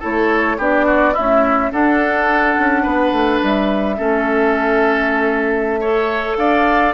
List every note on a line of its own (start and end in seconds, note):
0.00 0.59 A3
0.00 0.58 E4
0.00 0.57 A4
0.00 0.61 C#5
0.58 1.15 B3
0.58 1.15 D4
0.58 0.86 G4
0.58 1.15 D5
0.86 1.14 F#4
1.14 1.71 A3
1.14 1.73 C#4
1.14 1.70 E4
1.14 1.71 E5
1.71 3.97 D4
1.71 2.57 D4
1.71 2.83 A4
1.71 3.41 F#5
2.59 2.86 C#4
2.83 3.12 B3
2.83 3.96 B4
3.12 3.41 A3
3.41 3.99 G3
3.41 6.36 E5
3.97 6.37 A3
3.97 5.81 C#4
3.97 5.81 A4
5.81 6.94 A4
5.81 6.37 C#5
6.36 6.94 D4
6.36 6.94 D5
6.36 6.93 F5